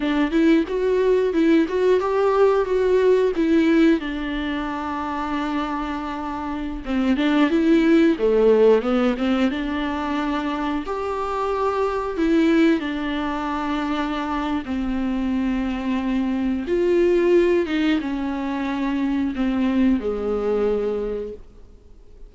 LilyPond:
\new Staff \with { instrumentName = "viola" } { \time 4/4 \tempo 4 = 90 d'8 e'8 fis'4 e'8 fis'8 g'4 | fis'4 e'4 d'2~ | d'2~ d'16 c'8 d'8 e'8.~ | e'16 a4 b8 c'8 d'4.~ d'16~ |
d'16 g'2 e'4 d'8.~ | d'2 c'2~ | c'4 f'4. dis'8 cis'4~ | cis'4 c'4 gis2 | }